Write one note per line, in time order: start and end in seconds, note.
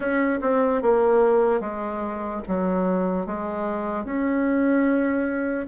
0.00 0.39 C#4
0.41 0.81 C4
0.82 1.60 A#3
1.60 2.41 G#3
2.47 3.26 F#3
3.26 4.04 G#3
4.04 5.66 C#4